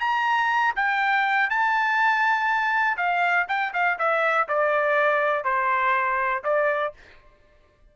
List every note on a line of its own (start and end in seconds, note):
0.00 0.74 A#5
0.76 1.50 G5
1.50 2.97 A5
2.97 3.46 F5
3.48 3.73 G5
3.73 3.98 F5
3.98 4.48 E5
4.48 5.44 D5
5.44 6.43 C5
6.43 6.93 D5